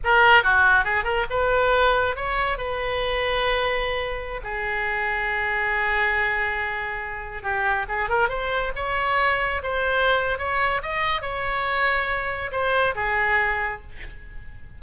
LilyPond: \new Staff \with { instrumentName = "oboe" } { \time 4/4 \tempo 4 = 139 ais'4 fis'4 gis'8 ais'8 b'4~ | b'4 cis''4 b'2~ | b'2~ b'16 gis'4.~ gis'16~ | gis'1~ |
gis'4~ gis'16 g'4 gis'8 ais'8 c''8.~ | c''16 cis''2 c''4.~ c''16 | cis''4 dis''4 cis''2~ | cis''4 c''4 gis'2 | }